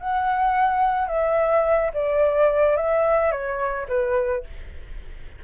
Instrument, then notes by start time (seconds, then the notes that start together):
flute
0.00 F#5
1.08 E5
1.94 D5
2.77 E5
3.32 C#5
3.89 B4